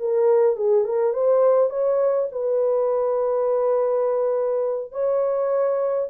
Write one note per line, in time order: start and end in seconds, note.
0.00 0.57 A#4
0.57 0.85 G#4
0.85 1.14 A#4
1.14 1.70 C5
1.70 2.29 C#5
2.32 4.92 B4
4.92 6.09 C#5